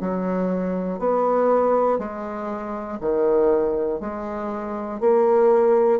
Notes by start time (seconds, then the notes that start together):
0.00 F#3
0.99 B3
1.99 G#3
3.00 D#3
4.00 G#3
5.00 A#3